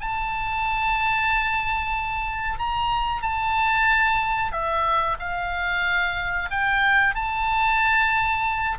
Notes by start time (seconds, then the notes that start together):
0.00 A5
2.59 A#5
3.22 A5
4.52 E5
5.19 F5
6.50 G5
7.15 A5